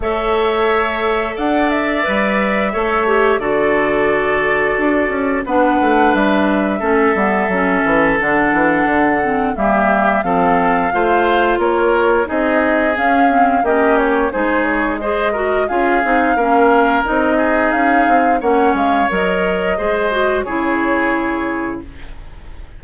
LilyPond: <<
  \new Staff \with { instrumentName = "flute" } { \time 4/4 \tempo 4 = 88 e''2 fis''8 e''4.~ | e''4 d''2. | fis''4 e''2. | fis''2 e''4 f''4~ |
f''4 cis''4 dis''4 f''4 | dis''8 cis''8 c''8 cis''8 dis''4 f''4~ | f''4 dis''4 f''4 fis''8 f''8 | dis''2 cis''2 | }
  \new Staff \with { instrumentName = "oboe" } { \time 4/4 cis''2 d''2 | cis''4 a'2. | b'2 a'2~ | a'2 g'4 a'4 |
c''4 ais'4 gis'2 | g'4 gis'4 c''8 ais'8 gis'4 | ais'4. gis'4. cis''4~ | cis''4 c''4 gis'2 | }
  \new Staff \with { instrumentName = "clarinet" } { \time 4/4 a'2. b'4 | a'8 g'8 fis'2. | d'2 cis'8 b8 cis'4 | d'4. c'8 ais4 c'4 |
f'2 dis'4 cis'8 c'8 | cis'4 dis'4 gis'8 fis'8 f'8 dis'8 | cis'4 dis'2 cis'4 | ais'4 gis'8 fis'8 e'2 | }
  \new Staff \with { instrumentName = "bassoon" } { \time 4/4 a2 d'4 g4 | a4 d2 d'8 cis'8 | b8 a8 g4 a8 g8 fis8 e8 | d8 e8 d4 g4 f4 |
a4 ais4 c'4 cis'4 | ais4 gis2 cis'8 c'8 | ais4 c'4 cis'8 c'8 ais8 gis8 | fis4 gis4 cis2 | }
>>